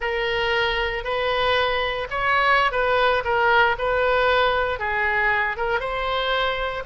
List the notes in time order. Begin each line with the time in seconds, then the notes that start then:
0.00 A#4
1.04 B4
2.10 C#5
2.71 B4
3.24 A#4
3.78 B4
4.79 G#4
5.57 A#4
5.79 C5